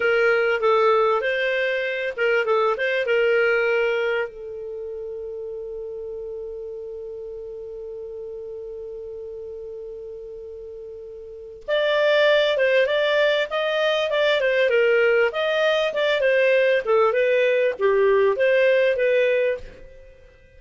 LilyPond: \new Staff \with { instrumentName = "clarinet" } { \time 4/4 \tempo 4 = 98 ais'4 a'4 c''4. ais'8 | a'8 c''8 ais'2 a'4~ | a'1~ | a'1~ |
a'2. d''4~ | d''8 c''8 d''4 dis''4 d''8 c''8 | ais'4 dis''4 d''8 c''4 a'8 | b'4 g'4 c''4 b'4 | }